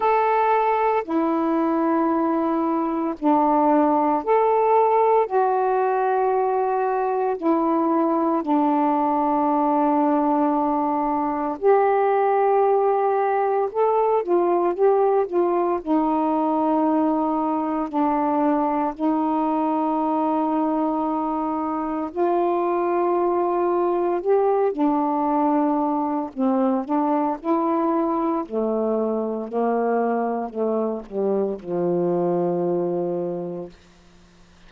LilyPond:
\new Staff \with { instrumentName = "saxophone" } { \time 4/4 \tempo 4 = 57 a'4 e'2 d'4 | a'4 fis'2 e'4 | d'2. g'4~ | g'4 a'8 f'8 g'8 f'8 dis'4~ |
dis'4 d'4 dis'2~ | dis'4 f'2 g'8 d'8~ | d'4 c'8 d'8 e'4 a4 | ais4 a8 g8 f2 | }